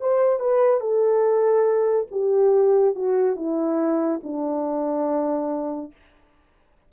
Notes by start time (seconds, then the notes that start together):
0.00 C5
0.40 B4
0.80 A4
2.11 G4
2.95 F#4
3.36 E4
4.23 D4